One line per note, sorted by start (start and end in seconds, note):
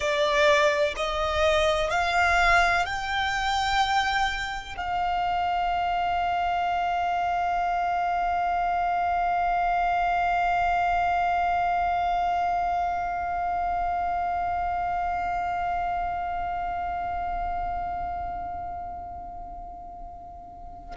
0.00 0.94 D5
0.96 1.90 D#5
1.90 2.85 F5
2.85 4.76 G5
4.76 20.95 F5